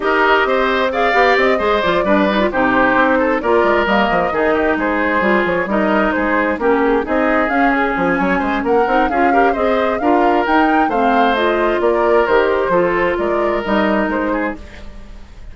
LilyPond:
<<
  \new Staff \with { instrumentName = "flute" } { \time 4/4 \tempo 4 = 132 dis''2 f''4 dis''4 | d''4. c''2 d''8~ | d''8 dis''2 c''4. | cis''8 dis''4 c''4 ais'8 gis'8 dis''8~ |
dis''8 f''8 gis'8 gis''4. fis''4 | f''4 dis''4 f''4 g''4 | f''4 dis''4 d''4 c''4~ | c''4 d''4 dis''4 c''4 | }
  \new Staff \with { instrumentName = "oboe" } { \time 4/4 ais'4 c''4 d''4. c''8~ | c''8 b'4 g'4. a'8 ais'8~ | ais'4. gis'8 g'8 gis'4.~ | gis'8 ais'4 gis'4 g'4 gis'8~ |
gis'2 cis''8 c''8 ais'4 | gis'8 ais'8 c''4 ais'2 | c''2 ais'2 | a'4 ais'2~ ais'8 gis'8 | }
  \new Staff \with { instrumentName = "clarinet" } { \time 4/4 g'2 gis'8 g'4 gis'8 | f'8 d'8 dis'16 f'16 dis'2 f'8~ | f'8 ais4 dis'2 f'8~ | f'8 dis'2 cis'4 dis'8~ |
dis'8 cis'2. dis'8 | f'8 g'8 gis'4 f'4 dis'4 | c'4 f'2 g'4 | f'2 dis'2 | }
  \new Staff \with { instrumentName = "bassoon" } { \time 4/4 dis'4 c'4. b8 c'8 gis8 | f8 g4 c4 c'4 ais8 | gis8 g8 f8 dis4 gis4 g8 | f8 g4 gis4 ais4 c'8~ |
c'8 cis'4 f8 fis8 gis8 ais8 c'8 | cis'4 c'4 d'4 dis'4 | a2 ais4 dis4 | f4 gis4 g4 gis4 | }
>>